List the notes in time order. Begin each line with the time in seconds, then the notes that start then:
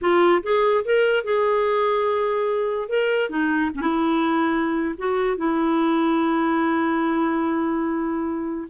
0.01 F4
0.43 G#4
0.84 A#4
1.24 G#4
2.88 A#4
3.29 D#4
3.74 C#4
3.81 E4
4.97 F#4
5.37 E4